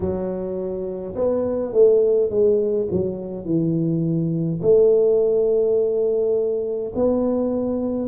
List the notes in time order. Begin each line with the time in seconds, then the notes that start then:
0.00 F#3
1.15 B3
1.73 A3
2.30 G#3
2.91 F#3
3.45 E3
4.62 A3
6.95 B3